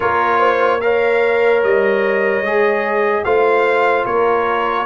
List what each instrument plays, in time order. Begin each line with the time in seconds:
0.00 tuba A#3, trombone F4, horn A#4, trumpet C#5
0.39 horn C5
0.81 trombone A#4, horn C#5, trumpet F5
1.62 tuba G3, trumpet D#5
2.40 tuba G#3, trombone G#4
3.24 tuba A3, trombone F4, horn C5, trumpet F5
4.05 tuba A#3, horn A#4, trumpet C#5